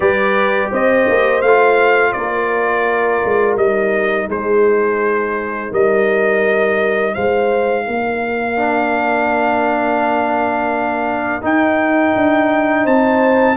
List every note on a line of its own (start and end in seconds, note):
0.00 0.69 G3
0.00 1.42 G4
0.00 0.70 B4
0.00 0.71 D5
0.71 1.07 C4
0.71 2.14 C5
0.71 1.41 D#5
1.08 1.42 A#3
1.41 2.13 A3
1.41 3.59 F4
1.41 2.12 F5
2.12 3.23 A#3
2.12 4.30 A#4
2.12 3.55 D5
3.24 3.56 G#3
3.56 4.27 G3
3.56 8.56 D#4
3.56 4.28 D#5
4.28 5.71 G#3
4.28 5.70 G#4
4.28 5.73 C5
5.70 7.15 G3
5.70 7.13 A#4
5.70 7.14 D#5
7.14 7.87 G#3
7.14 7.84 C5
7.14 11.42 F5
7.84 11.43 A#3
7.84 12.83 A#4
8.56 11.41 D4
11.41 13.55 D#4
11.41 12.15 D#4
11.41 12.86 G5
12.15 12.85 D4
12.83 13.57 C4
12.83 13.54 C5
12.83 13.57 A5